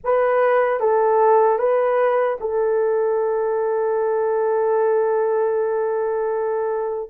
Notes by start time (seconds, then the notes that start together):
0.04 B4
0.79 A4
1.58 B4
2.40 A4